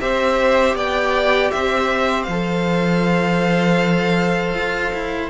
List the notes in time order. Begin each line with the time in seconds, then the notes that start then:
0.00 C4 G4 C5 E5
0.74 B3 D5 G5
1.51 C4 C5 E5
2.23 F3 F5
2.30 A4
4.54 F4
4.93 E4